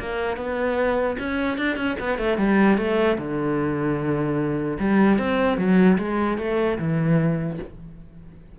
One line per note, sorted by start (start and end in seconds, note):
0.00 0.37 A#3
0.37 1.17 B3
1.19 1.58 C#4
1.58 1.77 D4
1.77 1.97 C#4
2.00 2.19 B3
2.19 2.38 A3
2.38 2.78 G3
2.78 3.18 A3
3.19 4.79 D3
4.80 5.19 G3
5.19 5.58 C4
5.58 5.98 F#3
5.99 6.39 G#3
6.39 6.79 A3
6.79 7.59 E3